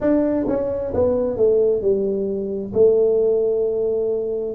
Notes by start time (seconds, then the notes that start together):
0.00 D4
0.48 C#4
0.93 B3
1.36 A3
1.81 G3
2.73 A3